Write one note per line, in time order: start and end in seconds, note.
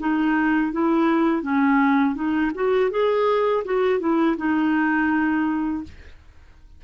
0.00 0.72 D#4
0.72 1.42 E4
1.42 2.15 C#4
2.15 2.52 D#4
2.55 2.91 F#4
2.91 3.64 G#4
3.65 4.00 F#4
4.00 4.36 E4
4.37 5.84 D#4